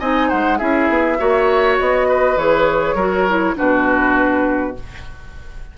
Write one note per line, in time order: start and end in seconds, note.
0.00 0.31 C4
0.00 0.59 D#4
0.00 0.29 D#5
0.00 0.30 G#5
0.29 0.61 G#3
0.29 0.58 C5
0.29 0.59 F#5
0.59 0.90 C#4
0.59 1.18 E4
0.59 1.18 G#4
0.59 1.77 E5
0.90 1.20 B3
1.18 1.80 A#3
1.18 2.37 F#4
1.18 2.09 C#5
1.79 2.37 B3
1.79 2.38 D#5
2.09 2.96 B4
2.37 2.95 E3
2.37 2.97 G#4
2.37 3.57 C#5
2.95 3.54 F#3
2.95 3.28 F#4
2.95 3.55 A#4
3.29 3.56 E4
3.56 4.78 B2
3.56 4.75 D4
3.56 4.77 F#4
3.56 4.77 B4